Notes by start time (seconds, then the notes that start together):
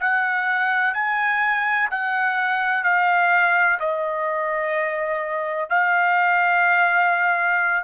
0.00 F#5
0.94 G#5
1.90 F#5
2.83 F5
3.80 D#5
5.69 F5